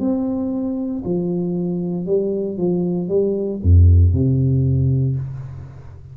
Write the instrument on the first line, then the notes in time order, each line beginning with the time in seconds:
tuba
0.00 C4
1.05 F3
2.06 G3
2.58 F3
3.09 G3
3.63 F2
4.14 C3